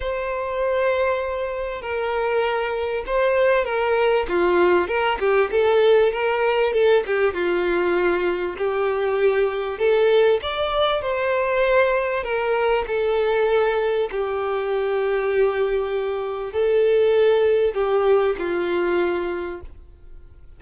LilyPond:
\new Staff \with { instrumentName = "violin" } { \time 4/4 \tempo 4 = 98 c''2. ais'4~ | ais'4 c''4 ais'4 f'4 | ais'8 g'8 a'4 ais'4 a'8 g'8 | f'2 g'2 |
a'4 d''4 c''2 | ais'4 a'2 g'4~ | g'2. a'4~ | a'4 g'4 f'2 | }